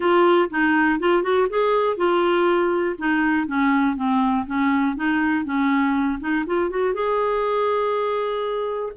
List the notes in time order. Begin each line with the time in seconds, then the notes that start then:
0.00 F4
0.50 D#4
0.99 F4
1.22 F#4
1.49 G#4
1.97 F4
2.98 D#4
3.47 C#4
3.96 C4
4.46 C#4
4.96 D#4
5.44 C#4
6.20 D#4
6.46 F4
6.69 F#4
6.94 G#4